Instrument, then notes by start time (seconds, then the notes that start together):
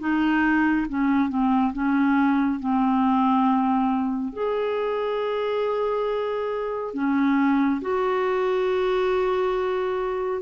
clarinet
0.00 D#4
0.89 C#4
1.29 C4
1.73 C#4
2.60 C4
4.33 G#4
6.94 C#4
7.81 F#4